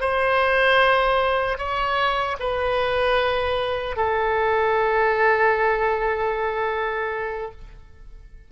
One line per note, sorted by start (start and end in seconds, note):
0.00 1.58 C5
1.58 2.36 C#5
2.39 3.96 B4
3.96 7.51 A4